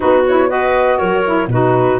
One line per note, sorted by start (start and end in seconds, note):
0.00 1.00 B3
0.00 0.24 D#4
0.00 0.49 F#4
0.00 0.24 B4
0.26 0.48 E4
0.26 0.50 C#5
0.48 1.23 F#4
0.48 0.98 B4
0.48 0.98 D#5
0.98 1.47 F#3
0.98 1.48 A#4
0.98 1.48 C#5
1.24 1.49 E4
1.47 1.97 B2
1.47 1.99 D#4
1.47 1.99 F#4
1.47 1.99 B4